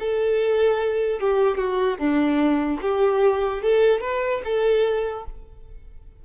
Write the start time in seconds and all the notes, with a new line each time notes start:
0.00 A4
1.20 G4
1.58 F#4
1.99 D4
2.82 G4
3.63 A4
4.01 B4
4.45 A4